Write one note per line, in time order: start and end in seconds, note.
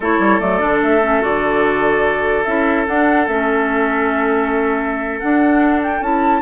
0.00 0.19 A3
0.00 0.40 E4
0.00 6.40 A4
0.00 0.39 C#5
0.19 0.39 G3
0.39 0.61 F#3
0.39 0.59 A3
0.39 0.80 D5
0.59 0.82 D3
0.59 1.00 D4
0.82 1.22 A3
0.82 1.23 E5
1.02 1.21 C#4
1.21 2.46 D3
1.21 2.43 F#4
1.21 2.44 D5
2.44 2.86 C#4
2.44 2.86 E4
2.44 2.85 E5
2.86 3.27 D4
2.86 3.27 F#5
3.27 5.21 A3
3.27 5.21 C#4
3.27 5.19 E5
5.19 6.02 D4
5.19 6.01 D4
5.19 5.81 F#5
5.82 6.03 G5
6.01 6.41 C#4
6.01 6.41 E4
6.01 6.41 A5